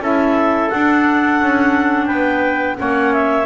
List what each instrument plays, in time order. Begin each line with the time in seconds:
0.00 double bass C#4, clarinet E4 E5, trumpet A4
0.69 clarinet D4 F#5, double bass D4
1.41 double bass C#4
2.06 double bass B3, trumpet B4, clarinet G5
2.76 double bass A#3, clarinet C#4 F#5, trumpet C#5
3.13 clarinet E5